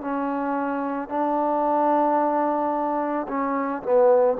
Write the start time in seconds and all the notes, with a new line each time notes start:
0.00 C#4
1.09 D4
3.27 C#4
3.82 B3